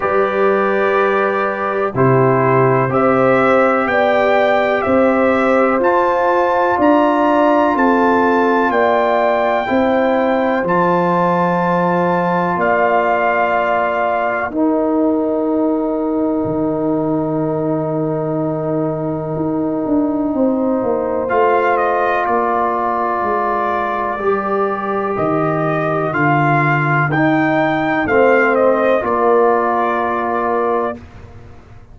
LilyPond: <<
  \new Staff \with { instrumentName = "trumpet" } { \time 4/4 \tempo 4 = 62 d''2 c''4 e''4 | g''4 e''4 a''4 ais''4 | a''4 g''2 a''4~ | a''4 f''2 g''4~ |
g''1~ | g''2 f''8 dis''8 d''4~ | d''2 dis''4 f''4 | g''4 f''8 dis''8 d''2 | }
  \new Staff \with { instrumentName = "horn" } { \time 4/4 b'2 g'4 c''4 | d''4 c''2 d''4 | a'4 d''4 c''2~ | c''4 d''2 ais'4~ |
ais'1~ | ais'4 c''2 ais'4~ | ais'1~ | ais'4 c''4 ais'2 | }
  \new Staff \with { instrumentName = "trombone" } { \time 4/4 g'2 e'4 g'4~ | g'2 f'2~ | f'2 e'4 f'4~ | f'2. dis'4~ |
dis'1~ | dis'2 f'2~ | f'4 g'2 f'4 | dis'4 c'4 f'2 | }
  \new Staff \with { instrumentName = "tuba" } { \time 4/4 g2 c4 c'4 | b4 c'4 f'4 d'4 | c'4 ais4 c'4 f4~ | f4 ais2 dis'4~ |
dis'4 dis2. | dis'8 d'8 c'8 ais8 a4 ais4 | gis4 g4 dis4 d4 | dis'4 a4 ais2 | }
>>